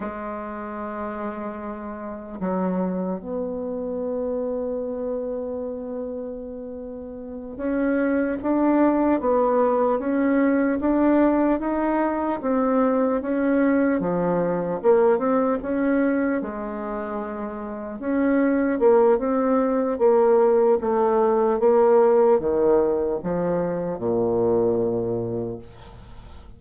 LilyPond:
\new Staff \with { instrumentName = "bassoon" } { \time 4/4 \tempo 4 = 75 gis2. fis4 | b1~ | b4. cis'4 d'4 b8~ | b8 cis'4 d'4 dis'4 c'8~ |
c'8 cis'4 f4 ais8 c'8 cis'8~ | cis'8 gis2 cis'4 ais8 | c'4 ais4 a4 ais4 | dis4 f4 ais,2 | }